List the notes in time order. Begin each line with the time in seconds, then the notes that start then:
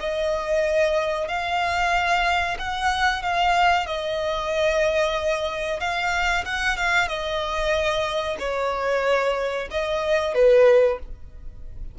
0.00 D#5
1.28 F5
2.59 F#5
3.22 F5
3.87 D#5
5.80 F5
6.45 F#5
6.77 F5
7.08 D#5
8.39 C#5
9.71 D#5
10.34 B4